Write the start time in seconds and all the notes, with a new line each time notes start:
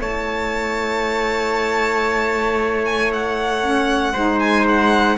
0.00 A3 E4 C#5 A5
2.85 G#5
3.13 F#5
3.60 C#4
4.13 G#3 D#4 C5
4.40 G#5
4.68 F#5